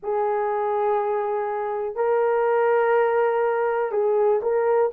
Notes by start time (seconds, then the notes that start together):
0.03 G#4
1.95 A#4
3.91 G#4
4.42 A#4